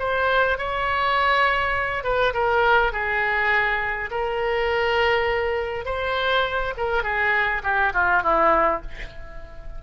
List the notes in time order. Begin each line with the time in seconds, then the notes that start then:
0.00 C5
0.58 C#5
2.04 B4
2.34 A#4
2.93 G#4
4.11 A#4
5.86 C5
6.78 A#4
7.03 G#4
7.64 G4
7.94 F4
8.23 E4